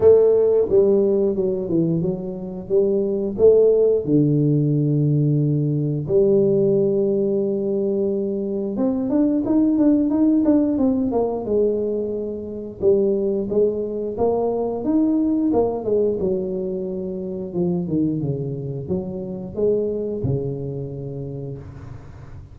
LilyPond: \new Staff \with { instrumentName = "tuba" } { \time 4/4 \tempo 4 = 89 a4 g4 fis8 e8 fis4 | g4 a4 d2~ | d4 g2.~ | g4 c'8 d'8 dis'8 d'8 dis'8 d'8 |
c'8 ais8 gis2 g4 | gis4 ais4 dis'4 ais8 gis8 | fis2 f8 dis8 cis4 | fis4 gis4 cis2 | }